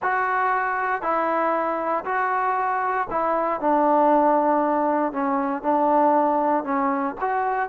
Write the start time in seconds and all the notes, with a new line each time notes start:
0.02 F#4
1.01 E4
2.05 F#4
3.10 E4
3.60 D4
5.12 C#4
5.62 D4
6.64 C#4
7.21 F#4